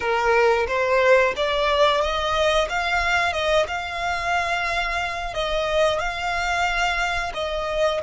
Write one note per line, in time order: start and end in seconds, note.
0.00 0.67 A#4
0.67 1.34 C5
1.36 2.01 D5
2.01 2.68 D#5
2.68 3.32 F5
3.32 3.66 D#5
3.67 5.34 F5
5.34 5.99 D#5
5.99 7.32 F5
7.34 8.00 D#5